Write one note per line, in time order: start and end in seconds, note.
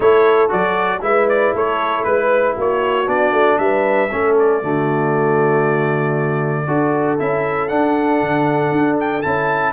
0.00 0.50 A3
0.00 0.49 E4
0.00 1.00 A4
0.00 0.51 C#5
0.49 1.01 F#3
0.49 1.00 F#4
0.49 1.03 D5
1.01 1.53 G#3
1.01 3.06 E4
1.01 1.54 B4
1.01 1.28 E5
1.28 1.54 D5
1.53 2.05 A3
1.53 2.05 A4
1.53 2.03 C#5
2.03 2.56 G#3
2.03 2.55 B4
2.03 2.56 B4
2.56 3.07 A#3
2.56 3.58 F#4
2.56 3.08 C#5
3.06 3.32 B3
3.06 4.08 D4
3.06 3.58 D5
3.32 3.57 A3
3.58 4.10 G3
3.58 4.10 B4
3.58 4.35 E5
4.10 4.63 A3
4.10 4.62 C#4
4.10 4.61 A4
4.38 7.19 D5
4.62 6.67 D3
4.62 6.67 A3
4.62 6.66 F#4
6.66 7.19 D4
6.66 7.18 F#4
6.66 9.72 A4
7.19 7.70 C#4
7.19 7.69 E4
7.19 7.68 E5
7.68 9.22 D4
7.68 8.21 D4
7.68 8.96 F#5
8.21 8.71 D3
8.71 9.23 D4
8.99 9.22 G5
9.22 9.72 C#4
9.22 9.72 E4
9.22 9.72 A5